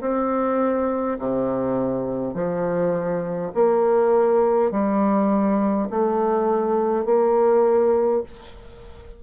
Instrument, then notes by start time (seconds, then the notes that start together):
bassoon
0.00 C4
1.19 C3
2.34 F3
3.54 A#3
4.71 G3
5.90 A3
7.05 A#3